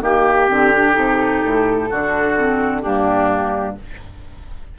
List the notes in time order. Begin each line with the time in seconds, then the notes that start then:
0.00 D#3 A#3 G4
0.48 D3 C4
0.71 D4
0.92 C3 D#4 A4
1.44 A2
1.89 D3 D4 F#4
2.36 C4
2.81 G2 A#3 D4 G4